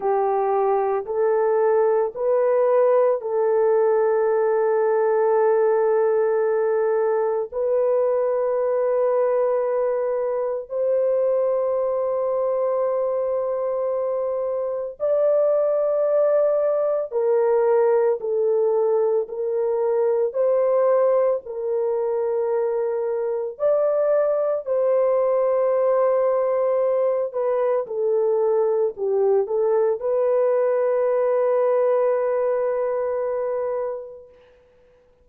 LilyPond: \new Staff \with { instrumentName = "horn" } { \time 4/4 \tempo 4 = 56 g'4 a'4 b'4 a'4~ | a'2. b'4~ | b'2 c''2~ | c''2 d''2 |
ais'4 a'4 ais'4 c''4 | ais'2 d''4 c''4~ | c''4. b'8 a'4 g'8 a'8 | b'1 | }